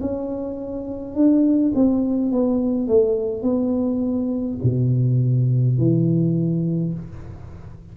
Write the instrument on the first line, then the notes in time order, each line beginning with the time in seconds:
tuba
0.00 C#4
1.14 D4
1.74 C4
2.31 B3
2.87 A3
3.42 B3
4.63 B2
5.77 E3